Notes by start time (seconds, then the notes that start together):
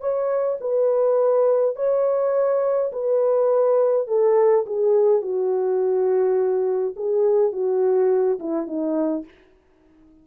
0.00 C#5
0.60 B4
1.76 C#5
2.92 B4
4.08 A4
4.66 G#4
5.22 F#4
6.96 G#4
7.52 F#4
8.39 E4
8.67 D#4